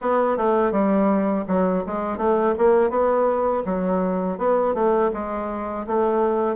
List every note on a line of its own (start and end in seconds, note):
0.01 0.37 B3
0.37 0.71 A3
0.71 1.44 G3
1.47 1.84 F#3
1.86 2.17 G#3
2.17 2.54 A3
2.58 2.90 A#3
2.90 3.63 B3
3.65 4.37 F#3
4.37 4.74 B3
4.74 5.11 A3
5.13 5.86 G#3
5.87 6.56 A3